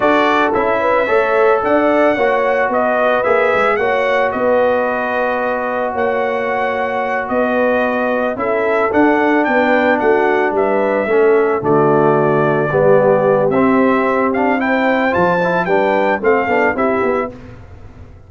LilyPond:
<<
  \new Staff \with { instrumentName = "trumpet" } { \time 4/4 \tempo 4 = 111 d''4 e''2 fis''4~ | fis''4 dis''4 e''4 fis''4 | dis''2. fis''4~ | fis''4. dis''2 e''8~ |
e''8 fis''4 g''4 fis''4 e''8~ | e''4. d''2~ d''8~ | d''4 e''4. f''8 g''4 | a''4 g''4 f''4 e''4 | }
  \new Staff \with { instrumentName = "horn" } { \time 4/4 a'4. b'8 cis''4 d''4 | cis''4 b'2 cis''4 | b'2. cis''4~ | cis''4. b'2 a'8~ |
a'4. b'4 fis'4 b'8~ | b'8 a'4 fis'2 g'8~ | g'2. c''4~ | c''4 b'4 a'4 g'4 | }
  \new Staff \with { instrumentName = "trombone" } { \time 4/4 fis'4 e'4 a'2 | fis'2 gis'4 fis'4~ | fis'1~ | fis'2.~ fis'8 e'8~ |
e'8 d'2.~ d'8~ | d'8 cis'4 a2 b8~ | b4 c'4. d'8 e'4 | f'8 e'8 d'4 c'8 d'8 e'4 | }
  \new Staff \with { instrumentName = "tuba" } { \time 4/4 d'4 cis'4 a4 d'4 | ais4 b4 ais8 gis8 ais4 | b2. ais4~ | ais4. b2 cis'8~ |
cis'8 d'4 b4 a4 g8~ | g8 a4 d2 g8~ | g4 c'2. | f4 g4 a8 b8 c'8 b8 | }
>>